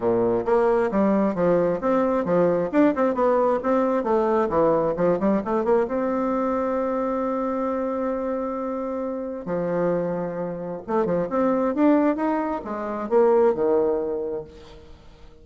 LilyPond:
\new Staff \with { instrumentName = "bassoon" } { \time 4/4 \tempo 4 = 133 ais,4 ais4 g4 f4 | c'4 f4 d'8 c'8 b4 | c'4 a4 e4 f8 g8 | a8 ais8 c'2.~ |
c'1~ | c'4 f2. | a8 f8 c'4 d'4 dis'4 | gis4 ais4 dis2 | }